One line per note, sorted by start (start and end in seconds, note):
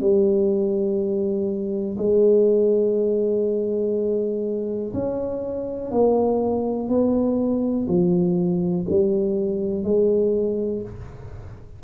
0.00 1.97 G3
1.98 4.93 G#3
4.94 5.91 C#4
5.91 6.89 A#3
6.89 7.87 B3
7.88 8.86 F3
8.90 9.84 G3
9.84 10.82 G#3